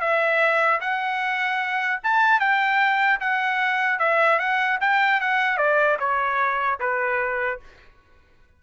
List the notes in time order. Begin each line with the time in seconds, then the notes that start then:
0.00 E5
0.80 F#5
2.03 A5
2.40 G5
3.20 F#5
3.99 E5
4.39 F#5
4.80 G5
5.20 F#5
5.57 D5
5.99 C#5
6.79 B4